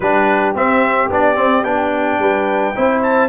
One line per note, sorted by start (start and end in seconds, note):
0.00 0.54 G3
0.00 0.54 D4
0.00 2.20 G4
0.00 0.55 B4
0.54 1.09 C4
0.54 1.10 C4
0.54 1.11 E5
1.10 1.36 B3
1.10 1.35 D4
1.10 1.63 D5
1.35 1.63 C4
1.63 2.18 B3
1.63 2.74 D4
1.63 3.01 G5
2.18 2.73 G3
2.18 2.75 B4
2.75 3.28 C4
2.75 3.28 E4
2.75 3.28 C5
3.02 3.28 A5